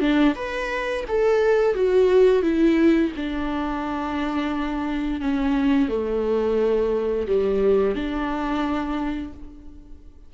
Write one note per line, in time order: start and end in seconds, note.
0.00 0.34 D4
0.35 1.04 B4
1.08 1.75 A4
1.75 2.43 F#4
2.43 3.12 E4
3.17 5.21 D4
5.21 5.89 C#4
5.89 7.27 A3
7.27 7.95 G3
7.95 9.33 D4